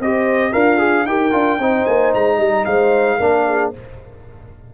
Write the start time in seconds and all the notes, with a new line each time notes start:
0.00 C4 G4 C5 D#5
0.52 D4 F4 A#4 F5
0.78 G#4
1.05 D#4 G4 A#4 G5
1.31 D4 F4
1.58 C4 D#4 C5
1.85 A#3 G#5
2.14 G#3 A#5
2.37 G3 D#5
2.65 G#3 C5 F5
3.17 A#3 D4 A#4
3.47 G#4